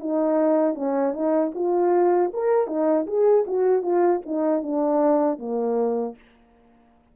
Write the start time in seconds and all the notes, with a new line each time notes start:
0.00 D#4
0.75 C#4
1.13 D#4
1.55 F4
2.34 A#4
2.67 D#4
3.07 G#4
3.48 F#4
3.83 F4
4.26 D#4
4.63 D4
5.39 A#3